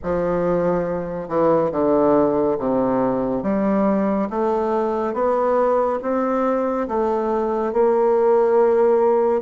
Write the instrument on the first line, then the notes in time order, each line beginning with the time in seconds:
bassoon
0.03 F3
1.28 E3
1.71 D3
2.58 C3
3.42 G3
4.29 A3
5.13 B3
6.02 C4
6.88 A3
7.72 A#3